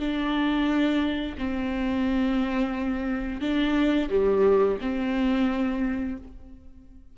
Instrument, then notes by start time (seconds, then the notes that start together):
viola
0.00 D4
1.38 C4
3.42 D4
4.10 G3
4.81 C4